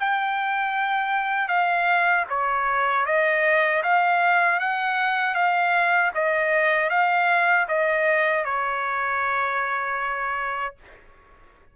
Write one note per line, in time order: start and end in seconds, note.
0.00 1.48 G5
1.48 2.25 F5
2.29 3.06 C#5
3.06 3.83 D#5
3.83 4.59 F5
4.59 5.34 F#5
5.34 6.11 F5
6.15 6.90 D#5
6.90 7.67 F5
7.68 8.44 D#5
8.44 10.75 C#5